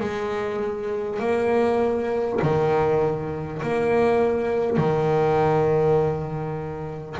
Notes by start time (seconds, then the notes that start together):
0.00 G#3
1.19 A#3
2.42 D#3
3.62 A#3
4.77 D#3